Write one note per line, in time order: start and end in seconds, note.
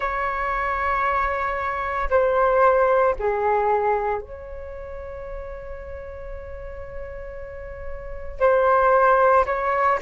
0.00 2.09 C#5
2.10 3.15 C5
3.19 4.21 G#4
4.21 8.39 C#5
8.39 9.44 C5
9.45 9.98 C#5